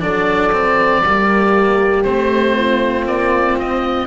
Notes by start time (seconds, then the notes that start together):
0.00 F#3 D4 A4 D5
0.52 C4
1.03 G3 A#3 G4
2.03 A3 C4 C5
2.55 F4
3.06 A#3 D5
3.58 C4 D#5